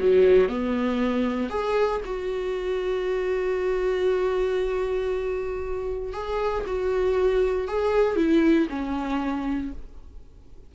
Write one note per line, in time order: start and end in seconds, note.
0.00 0.49 F#3
0.49 1.50 B3
1.50 2.01 G#4
2.06 6.14 F#4
6.14 6.65 G#4
6.67 7.69 F#4
7.69 8.17 G#4
8.17 8.68 E4
8.70 9.72 C#4